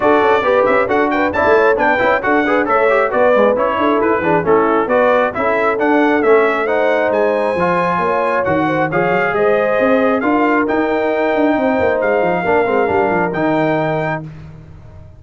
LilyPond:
<<
  \new Staff \with { instrumentName = "trumpet" } { \time 4/4 \tempo 4 = 135 d''4. e''8 fis''8 g''8 a''4 | g''4 fis''4 e''4 d''4 | cis''4 b'4 a'4 d''4 | e''4 fis''4 e''4 fis''4 |
gis''2. fis''4 | f''4 dis''2 f''4 | g''2. f''4~ | f''2 g''2 | }
  \new Staff \with { instrumentName = "horn" } { \time 4/4 a'4 b'4 a'8 b'8 d''8 cis''8 | b'4 a'8 b'8 cis''4 b'4~ | b'8 a'4 gis'8 e'4 b'4 | a'2. c''4~ |
c''2 cis''4. c''8 | cis''4 c''2 ais'4~ | ais'2 c''2 | ais'1 | }
  \new Staff \with { instrumentName = "trombone" } { \time 4/4 fis'4 g'4 fis'4 e'4 | d'8 e'8 fis'8 gis'8 a'8 g'8 fis'8 gis8 | e'4. d'8 cis'4 fis'4 | e'4 d'4 cis'4 dis'4~ |
dis'4 f'2 fis'4 | gis'2. f'4 | dis'1 | d'8 c'8 d'4 dis'2 | }
  \new Staff \with { instrumentName = "tuba" } { \time 4/4 d'8 cis'8 b8 cis'8 d'4 cis'16 a8. | b8 cis'8 d'4 a4 b4 | cis'8 d'8 e'8 e8 a4 b4 | cis'4 d'4 a2 |
gis4 f4 ais4 dis4 | f8 fis8 gis4 c'4 d'4 | dis'4. d'8 c'8 ais8 gis8 f8 | ais8 gis8 g8 f8 dis2 | }
>>